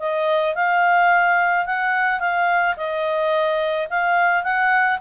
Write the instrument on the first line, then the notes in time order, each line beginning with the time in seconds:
clarinet
0.00 D#5
0.56 F5
1.66 F#5
2.20 F5
2.77 D#5
3.90 F5
4.44 F#5